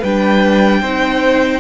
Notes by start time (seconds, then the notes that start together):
0.00 G3 D4 B4 G5
0.80 C4 D#4 C5